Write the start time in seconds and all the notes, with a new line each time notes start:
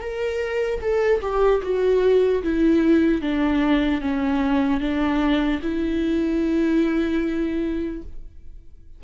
0.00 A#4
0.81 A4
1.21 G4
1.62 F#4
2.43 E4
3.21 D4
4.01 C#4
4.80 D4
5.62 E4